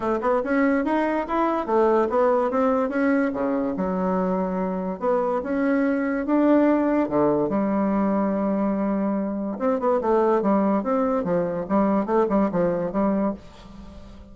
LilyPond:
\new Staff \with { instrumentName = "bassoon" } { \time 4/4 \tempo 4 = 144 a8 b8 cis'4 dis'4 e'4 | a4 b4 c'4 cis'4 | cis4 fis2. | b4 cis'2 d'4~ |
d'4 d4 g2~ | g2. c'8 b8 | a4 g4 c'4 f4 | g4 a8 g8 f4 g4 | }